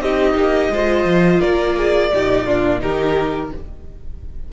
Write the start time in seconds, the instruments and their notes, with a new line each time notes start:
0.00 cello C4, viola D#4, violin G4 D#5
0.34 cello A#3
0.70 cello G#3, viola F4, violin C5
1.04 cello F3
1.40 cello A#3, violin A#4 D5
1.77 violin G#4
2.13 cello A#2, viola D#4, violin G4
2.46 viola D4, violin F4
2.79 cello D#3, viola D#4, violin G4 A#4